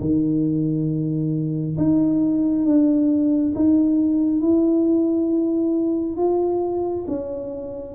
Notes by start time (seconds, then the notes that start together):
0.00 D#3
1.77 D#4
2.65 D4
3.55 D#4
4.41 E4
6.17 F4
7.07 C#4